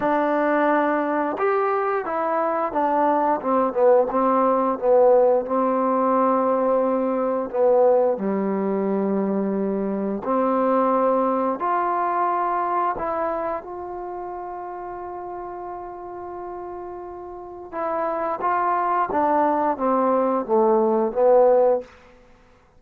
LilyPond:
\new Staff \with { instrumentName = "trombone" } { \time 4/4 \tempo 4 = 88 d'2 g'4 e'4 | d'4 c'8 b8 c'4 b4 | c'2. b4 | g2. c'4~ |
c'4 f'2 e'4 | f'1~ | f'2 e'4 f'4 | d'4 c'4 a4 b4 | }